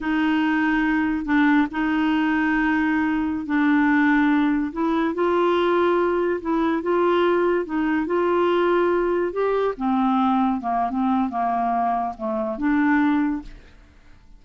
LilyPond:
\new Staff \with { instrumentName = "clarinet" } { \time 4/4 \tempo 4 = 143 dis'2. d'4 | dis'1~ | dis'16 d'2. e'8.~ | e'16 f'2. e'8.~ |
e'16 f'2 dis'4 f'8.~ | f'2~ f'16 g'4 c'8.~ | c'4~ c'16 ais8. c'4 ais4~ | ais4 a4 d'2 | }